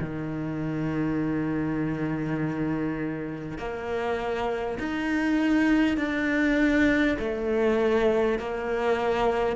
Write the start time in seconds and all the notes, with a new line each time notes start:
0.00 D#3
3.58 A#3
4.79 D#4
5.97 D4
7.19 A3
8.39 A#3